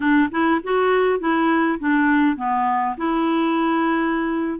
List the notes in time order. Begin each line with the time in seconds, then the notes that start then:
0.00 D4
0.31 E4
0.63 F#4
1.19 E4
1.79 D4
2.36 B3
2.97 E4